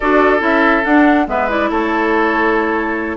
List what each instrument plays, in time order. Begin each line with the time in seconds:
0.00 bassoon D4, clarinet F#4, oboe A4, flute D5
0.39 bassoon C#4, clarinet E4, flute E5
0.84 bassoon D4, clarinet D4, flute F#5
1.27 bassoon G#3, clarinet B3, oboe B4, flute E5
1.49 clarinet E4, flute D5
1.70 bassoon A3, oboe A4, flute C#5